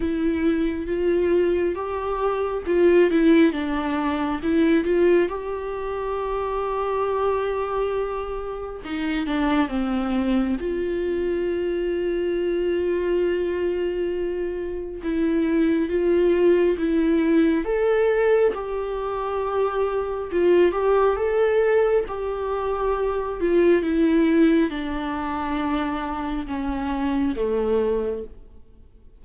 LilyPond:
\new Staff \with { instrumentName = "viola" } { \time 4/4 \tempo 4 = 68 e'4 f'4 g'4 f'8 e'8 | d'4 e'8 f'8 g'2~ | g'2 dis'8 d'8 c'4 | f'1~ |
f'4 e'4 f'4 e'4 | a'4 g'2 f'8 g'8 | a'4 g'4. f'8 e'4 | d'2 cis'4 a4 | }